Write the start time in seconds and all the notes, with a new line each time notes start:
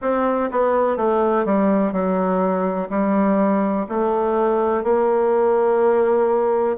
0.01 C4
0.51 B3
0.96 A3
1.45 G3
1.92 F#3
2.89 G3
3.88 A3
4.83 A#3